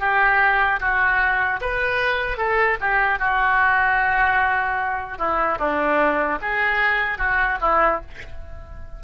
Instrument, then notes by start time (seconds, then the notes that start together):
oboe
0.00 G4
0.81 F#4
1.61 B4
2.38 A4
2.81 G4
3.19 F#4
5.18 E4
5.59 D4
6.42 G#4
7.19 F#4
7.61 E4